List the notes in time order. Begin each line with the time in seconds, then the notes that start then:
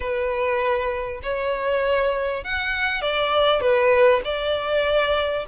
0.00 B4
1.23 C#5
2.44 F#5
3.01 D5
3.60 B4
4.24 D5